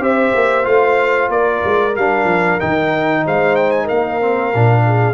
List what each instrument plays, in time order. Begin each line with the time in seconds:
0.00 tuba C4, trombone G4, horn C5, trumpet E5
0.35 tuba A#3
0.63 tuba A3, trombone F4, trumpet F5
1.29 tuba A#3, horn A#4, trumpet D5
1.65 tuba G#3
1.96 tuba G3, trombone D4, trumpet F5
2.25 tuba F3
2.60 tuba D#3, trombone D#4, trumpet G5
3.25 tuba G#3, horn C5, trumpet F5
3.56 trumpet G5
3.71 trumpet G#5
3.85 tuba A#3, horn A#4, trumpet F5
4.21 trombone C4
4.55 tuba A#2, trombone D4
4.86 horn G#4